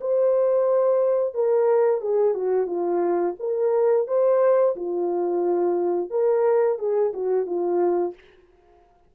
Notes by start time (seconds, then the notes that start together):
0.00 C5
1.34 A#4
2.01 G#4
2.34 F#4
2.66 F4
3.39 A#4
4.07 C5
4.75 F4
6.10 A#4
6.78 G#4
7.13 F#4
7.46 F4